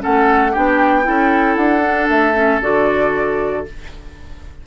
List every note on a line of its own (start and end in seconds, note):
0.00 0.52 C#4
0.00 0.52 A4
0.00 0.55 F#5
0.07 0.56 A3
0.52 1.08 B3
0.52 1.04 D4
0.52 1.04 G4
0.52 1.56 G5
1.04 1.57 C#4
1.04 1.81 E4
1.04 3.66 A4
1.56 2.09 D4
1.56 2.08 F#5
1.84 2.35 D4
2.09 2.61 A3
2.09 2.62 E5
2.35 2.61 C#4
2.62 3.67 D3
2.62 3.65 F#4
2.62 3.66 D5